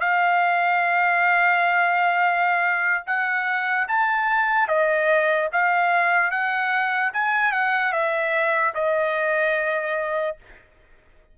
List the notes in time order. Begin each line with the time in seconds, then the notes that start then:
0.00 F5
3.07 F#5
3.88 A5
4.68 D#5
5.52 F5
6.31 F#5
7.13 G#5
7.52 F#5
7.93 E5
8.75 D#5